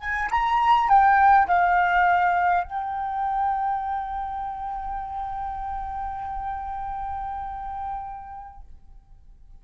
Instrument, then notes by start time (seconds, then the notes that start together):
flute
0.00 G#5
0.31 A#5
0.89 G5
1.47 F5
2.64 G5